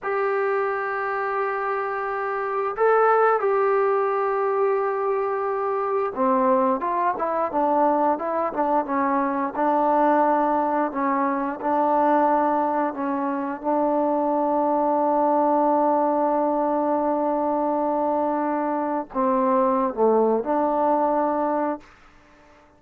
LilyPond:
\new Staff \with { instrumentName = "trombone" } { \time 4/4 \tempo 4 = 88 g'1 | a'4 g'2.~ | g'4 c'4 f'8 e'8 d'4 | e'8 d'8 cis'4 d'2 |
cis'4 d'2 cis'4 | d'1~ | d'1 | c'4~ c'16 a8. d'2 | }